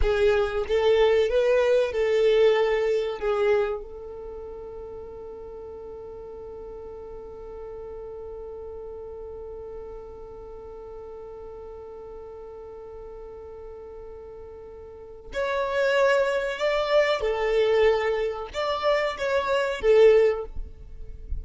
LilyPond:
\new Staff \with { instrumentName = "violin" } { \time 4/4 \tempo 4 = 94 gis'4 a'4 b'4 a'4~ | a'4 gis'4 a'2~ | a'1~ | a'1~ |
a'1~ | a'1 | cis''2 d''4 a'4~ | a'4 d''4 cis''4 a'4 | }